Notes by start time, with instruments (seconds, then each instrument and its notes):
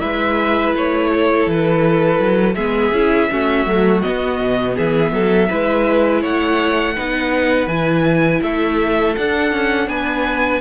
0.00 cello G#3, viola E4, violin B4 E5
0.75 cello A3, violin C#5
1.13 violin A4
1.47 cello E3, violin B4
2.19 cello F#3
2.55 cello G#3, viola B3, violin G#4 E5
2.92 cello C#4, viola E4
3.31 cello A3, viola C#4, violin F#4
3.66 cello F#3, viola A3
4.02 viola B3, violin D#5
4.08 cello B3
4.41 cello B2
4.75 cello E3, violin G#4 E5
5.12 cello F#3, violin A4
5.49 cello G#3, viola E4, violin B4
6.22 cello A3, violin C#5 F#5
6.95 cello B3, viola D#4, violin B4
7.67 cello E3, viola E4, violin G#5
8.43 cello A3, violin A4 E5
9.17 cello D4, viola D4, violin F#5
9.52 cello C#4
9.88 cello B3, violin B4 G#5